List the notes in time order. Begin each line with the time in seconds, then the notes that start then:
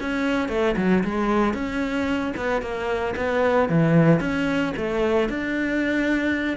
0.00 C#4
0.48 A3
0.77 F#3
1.04 G#3
1.53 C#4
2.36 B3
2.61 A#3
3.16 B3
3.69 E3
4.20 C#4
4.76 A3
5.29 D4